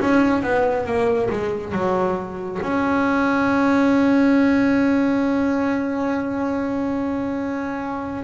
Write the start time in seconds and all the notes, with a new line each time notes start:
0.00 C#4
0.42 B3
0.86 A#3
1.30 G#3
1.72 F#3
2.62 C#4